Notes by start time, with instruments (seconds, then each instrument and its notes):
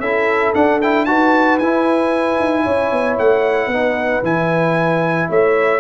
0.00 tuba C#4, trombone E4, horn A4, trumpet E5
0.54 trombone D4, tuba D4, trumpet F#5
0.82 trombone E4, trumpet G5
1.05 tuba D#4, trombone F#4, horn B4, trumpet A5
1.58 tuba E4, trombone E4, trumpet G#5
2.40 tuba D#4
2.63 tuba C#4, horn C#5
2.92 tuba B3
3.18 tuba A3, trumpet F#5
3.67 tuba B3, trombone D#4, horn B4
4.22 tuba E3, trombone E4, trumpet G#5
5.29 tuba A3, horn C#5, trumpet E5